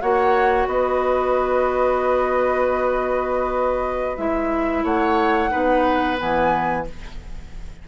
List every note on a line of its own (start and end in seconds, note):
0.00 0.66 A#3
0.00 4.17 F#4
0.00 0.68 C#5
0.00 0.67 F#5
0.66 4.16 B3
0.66 4.83 B4
0.66 4.17 D#5
4.17 4.83 G#3
4.17 5.50 E4
4.17 4.83 E5
4.83 5.50 A3
4.83 5.50 C#5
4.83 6.18 F#5
5.50 6.21 B3
5.50 6.16 D#4
5.50 6.84 B4
6.17 6.87 E3
6.17 6.84 B3
6.17 6.87 G#5